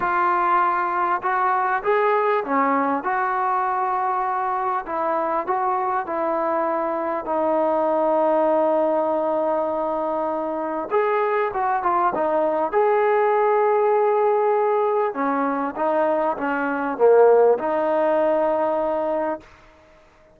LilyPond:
\new Staff \with { instrumentName = "trombone" } { \time 4/4 \tempo 4 = 99 f'2 fis'4 gis'4 | cis'4 fis'2. | e'4 fis'4 e'2 | dis'1~ |
dis'2 gis'4 fis'8 f'8 | dis'4 gis'2.~ | gis'4 cis'4 dis'4 cis'4 | ais4 dis'2. | }